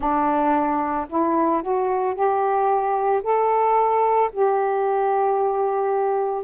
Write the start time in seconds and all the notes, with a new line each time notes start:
0.00 D4
1.08 E4
1.62 F#4
2.14 G4
3.23 A4
4.32 G4